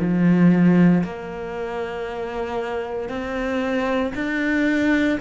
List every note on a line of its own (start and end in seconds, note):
0.00 1.03 F3
1.03 3.09 A#3
3.09 4.12 C4
4.15 5.18 D4